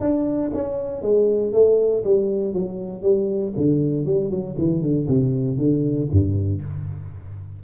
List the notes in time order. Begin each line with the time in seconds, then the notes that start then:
0.00 D4
0.54 C#4
1.02 G#3
1.53 A3
2.04 G3
2.53 F#3
3.02 G3
3.57 D3
4.06 G3
4.30 F#3
4.58 E3
4.82 D3
5.08 C3
5.58 D3
6.11 G2